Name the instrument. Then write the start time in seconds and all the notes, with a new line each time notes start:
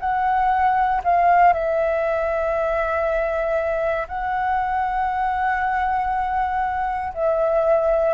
flute
0.00 F#5
1.04 F5
1.53 E5
4.08 F#5
7.14 E5